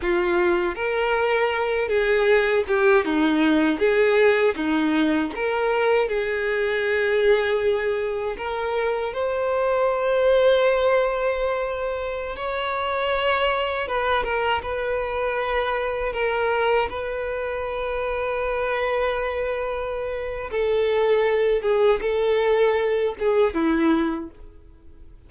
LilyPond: \new Staff \with { instrumentName = "violin" } { \time 4/4 \tempo 4 = 79 f'4 ais'4. gis'4 g'8 | dis'4 gis'4 dis'4 ais'4 | gis'2. ais'4 | c''1~ |
c''16 cis''2 b'8 ais'8 b'8.~ | b'4~ b'16 ais'4 b'4.~ b'16~ | b'2. a'4~ | a'8 gis'8 a'4. gis'8 e'4 | }